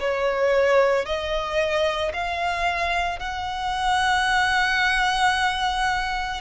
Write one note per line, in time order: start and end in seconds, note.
0.00 1.06 C#5
1.06 2.13 D#5
2.14 3.20 F5
3.20 6.41 F#5